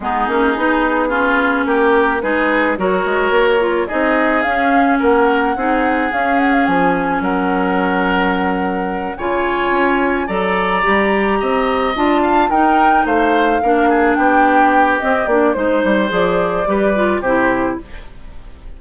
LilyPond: <<
  \new Staff \with { instrumentName = "flute" } { \time 4/4 \tempo 4 = 108 gis'2. ais'4 | b'4 cis''2 dis''4 | f''4 fis''2 f''8 fis''16 f''16 | gis''4 fis''2.~ |
fis''8 gis''2 ais''4.~ | ais''4. a''4 g''4 f''8~ | f''4. g''4. dis''8 d''8 | c''4 d''2 c''4 | }
  \new Staff \with { instrumentName = "oboe" } { \time 4/4 dis'2 f'4 g'4 | gis'4 ais'2 gis'4~ | gis'4 ais'4 gis'2~ | gis'4 ais'2.~ |
ais'8 cis''2 d''4.~ | d''8 dis''4. f''8 ais'4 c''8~ | c''8 ais'8 gis'8 g'2~ g'8 | c''2 b'4 g'4 | }
  \new Staff \with { instrumentName = "clarinet" } { \time 4/4 b8 cis'8 dis'4 cis'2 | dis'4 fis'4. f'8 dis'4 | cis'2 dis'4 cis'4~ | cis'1~ |
cis'8 f'2 a'4 g'8~ | g'4. f'4 dis'4.~ | dis'8 d'2~ d'8 c'8 d'8 | dis'4 gis'4 g'8 f'8 e'4 | }
  \new Staff \with { instrumentName = "bassoon" } { \time 4/4 gis8 ais8 b2 ais4 | gis4 fis8 gis8 ais4 c'4 | cis'4 ais4 c'4 cis'4 | f4 fis2.~ |
fis8 cis4 cis'4 fis4 g8~ | g8 c'4 d'4 dis'4 a8~ | a8 ais4 b4. c'8 ais8 | gis8 g8 f4 g4 c4 | }
>>